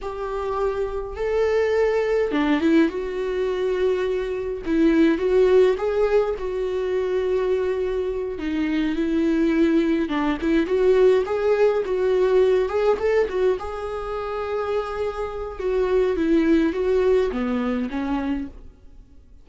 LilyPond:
\new Staff \with { instrumentName = "viola" } { \time 4/4 \tempo 4 = 104 g'2 a'2 | d'8 e'8 fis'2. | e'4 fis'4 gis'4 fis'4~ | fis'2~ fis'8 dis'4 e'8~ |
e'4. d'8 e'8 fis'4 gis'8~ | gis'8 fis'4. gis'8 a'8 fis'8 gis'8~ | gis'2. fis'4 | e'4 fis'4 b4 cis'4 | }